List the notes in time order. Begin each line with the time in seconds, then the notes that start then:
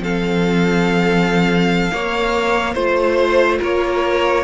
0.00 F3 C4 A4 F5
1.92 A#3 C#5
2.73 A3 F4 C5
3.59 A#3 A#4 C#5